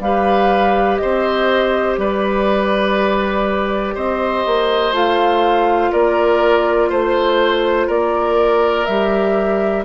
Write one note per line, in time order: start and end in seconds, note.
0.00 0.98 G3
0.00 4.93 G4
0.00 1.02 B4
0.00 0.97 F5
0.97 2.00 C5
0.97 1.95 D#5
1.03 1.98 C4
1.98 3.94 G3
1.98 3.95 B4
1.98 3.96 D5
3.95 4.45 C4
3.95 5.92 C5
3.95 4.94 D#5
4.46 4.92 A#3
4.92 5.91 A3
4.92 8.87 F4
4.92 5.92 F5
5.92 6.90 A#3
5.92 6.90 A#4
5.92 6.91 D5
6.90 7.89 A3
6.90 7.87 C5
6.90 7.90 C5
7.87 8.87 A#3
7.87 9.84 A#4
7.87 8.86 D5
8.86 9.85 G3
8.86 9.85 G4
8.86 9.84 E5